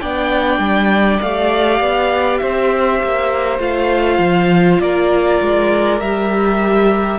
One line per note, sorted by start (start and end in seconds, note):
0.00 0.58 B3
0.00 1.22 D4
0.00 2.41 D5
0.00 1.20 G5
0.58 1.19 G3
1.22 1.80 A3
1.22 3.60 G4
1.22 2.38 F5
1.80 2.40 B3
2.38 3.03 C4
2.38 4.81 C5
2.38 3.58 E5
3.04 3.59 A#3
3.59 4.19 A3
3.59 6.00 F4
3.59 4.81 F5
4.19 4.79 F3
4.80 5.40 A#3
4.80 7.19 A#4
4.80 6.00 D5
5.41 6.01 G#3
6.00 7.19 G3
6.00 7.19 G4
6.00 7.19 E5